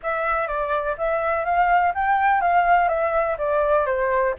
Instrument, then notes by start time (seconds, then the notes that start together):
flute
0.02 E5
0.47 D5
0.97 E5
1.44 F5
1.94 G5
2.41 F5
2.88 E5
3.38 D5
3.86 C5